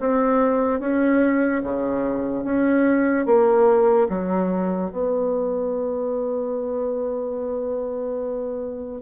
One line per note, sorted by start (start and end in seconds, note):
0.00 0.80 C4
0.80 1.63 C#4
1.63 2.44 C#3
2.44 3.26 C#4
3.26 4.08 A#3
4.09 4.91 F#3
4.91 9.02 B3